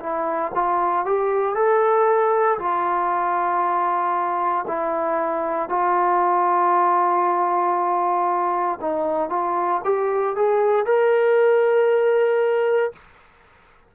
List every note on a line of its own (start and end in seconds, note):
0.00 0.52 E4
0.55 1.05 F4
1.05 1.55 G4
1.55 2.58 A4
2.59 4.66 F4
4.67 5.69 E4
5.69 8.79 F4
8.81 9.29 D#4
9.29 9.81 F4
9.84 10.35 G4
10.35 10.86 G#4
10.86 12.93 A#4